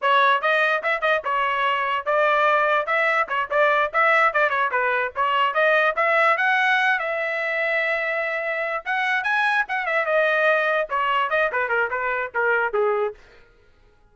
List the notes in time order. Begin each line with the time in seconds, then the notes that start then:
0.01 C#5
0.41 D#5
0.83 E5
1.01 D#5
1.24 C#5
2.05 D5
2.86 E5
3.28 C#5
3.50 D5
3.93 E5
4.33 D5
4.49 C#5
4.71 B4
5.15 C#5
5.53 D#5
5.96 E5
6.37 F#5
6.99 E5
8.85 F#5
9.23 G#5
9.68 F#5
9.86 E5
10.05 D#5
10.89 C#5
11.30 D#5
11.52 B4
11.68 A#4
11.90 B4
12.34 A#4
12.73 G#4